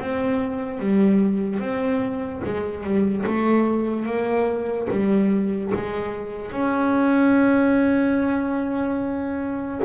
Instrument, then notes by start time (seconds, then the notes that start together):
double bass
0.00 C4
0.80 G3
1.60 C4
2.45 G#3
2.84 G3
3.26 A3
4.06 A#3
4.90 G3
5.75 G#3
6.52 C#4